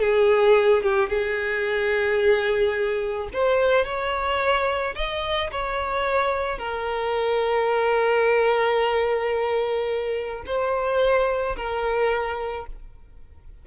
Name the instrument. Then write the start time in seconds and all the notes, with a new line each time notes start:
violin
0.00 G#4
0.83 G4
1.09 G#4
3.33 C5
3.85 C#5
4.95 D#5
5.51 C#5
6.58 A#4
10.46 C5
11.56 A#4